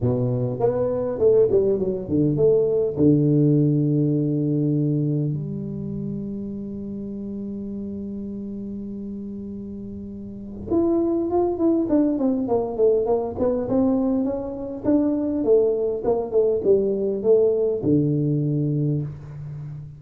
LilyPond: \new Staff \with { instrumentName = "tuba" } { \time 4/4 \tempo 4 = 101 b,4 b4 a8 g8 fis8 d8 | a4 d2.~ | d4 g2.~ | g1~ |
g2 e'4 f'8 e'8 | d'8 c'8 ais8 a8 ais8 b8 c'4 | cis'4 d'4 a4 ais8 a8 | g4 a4 d2 | }